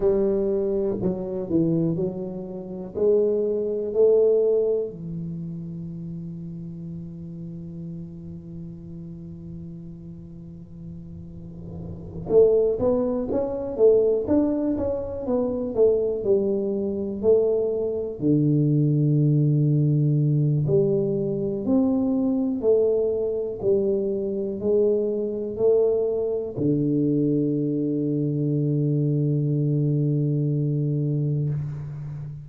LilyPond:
\new Staff \with { instrumentName = "tuba" } { \time 4/4 \tempo 4 = 61 g4 fis8 e8 fis4 gis4 | a4 e2.~ | e1~ | e8 a8 b8 cis'8 a8 d'8 cis'8 b8 |
a8 g4 a4 d4.~ | d4 g4 c'4 a4 | g4 gis4 a4 d4~ | d1 | }